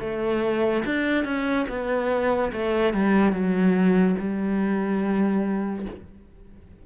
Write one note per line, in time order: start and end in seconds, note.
0.00 0.83 A3
0.85 1.24 D4
1.24 1.66 C#4
1.69 2.52 B3
2.52 2.94 A3
2.94 3.32 G3
3.32 4.16 F#3
4.19 5.86 G3